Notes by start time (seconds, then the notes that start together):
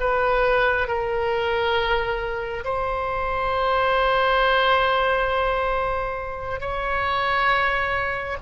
0.00 B4
0.87 A#4
2.64 C5
6.60 C#5